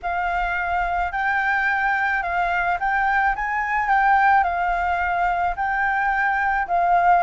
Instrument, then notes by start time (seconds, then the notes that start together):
flute
0.02 F5
1.12 G5
2.22 F5
2.79 G5
3.35 G#5
3.88 G5
4.43 F5
5.56 G5
6.67 F5